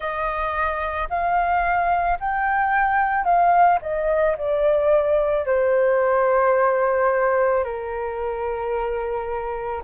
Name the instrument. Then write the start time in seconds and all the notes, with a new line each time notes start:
flute
0.00 D#5
1.09 F5
2.20 G5
3.24 F5
3.81 D#5
4.37 D5
5.45 C5
7.64 A#4